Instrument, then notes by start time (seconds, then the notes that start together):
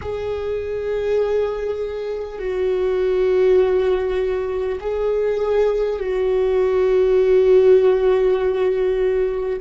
viola
0.01 G#4
2.38 F#4
4.80 G#4
5.99 F#4